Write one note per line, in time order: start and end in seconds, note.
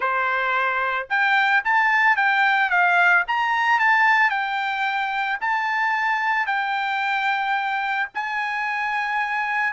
0.00 1.07 C5
1.09 1.63 G5
1.64 2.16 A5
2.16 2.70 G5
2.70 3.24 F5
3.27 3.79 A#5
3.79 4.29 A5
4.29 5.38 G5
5.40 6.46 A5
6.46 8.08 G5
8.14 9.73 G#5